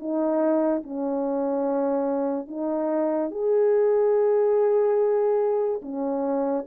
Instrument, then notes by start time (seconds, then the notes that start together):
horn
0.00 D#4
0.84 C#4
2.48 D#4
3.31 G#4
5.82 C#4